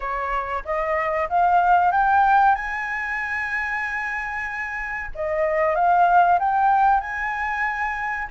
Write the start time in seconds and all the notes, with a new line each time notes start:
0.00 C#5
0.64 D#5
1.29 F5
1.91 G5
2.55 G#5
5.14 D#5
5.74 F5
6.39 G5
7.00 G#5